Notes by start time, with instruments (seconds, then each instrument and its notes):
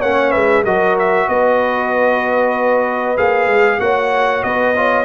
0.00 tuba A#3, trombone C#4, horn C#5, trumpet F#5
0.32 tuba G#3, horn B4, trumpet E5
0.65 tuba F#3, trombone F#4, horn A#4, trumpet D#5
0.99 trumpet E5
1.29 tuba B3, horn B4, trumpet D#5
3.17 tuba A#3, trombone G#4, trumpet F5
3.47 tuba G#3
3.80 tuba A#3, trombone F#4, horn C#5, trumpet F#5
4.44 tuba B3, horn B4, trumpet D#5
4.76 trombone F4, horn C#5